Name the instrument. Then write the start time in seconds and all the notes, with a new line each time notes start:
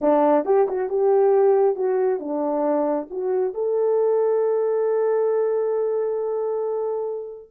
horn
0.01 D4
0.45 G4
0.68 F#4
0.89 G4
1.75 F#4
2.19 D4
3.10 F#4
3.53 A4